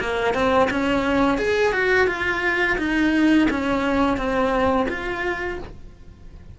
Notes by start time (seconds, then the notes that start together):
0.00 A#3
0.34 C4
0.70 C#4
1.38 G#4
1.73 F#4
2.07 F4
2.78 D#4
3.50 C#4
4.17 C4
4.89 F4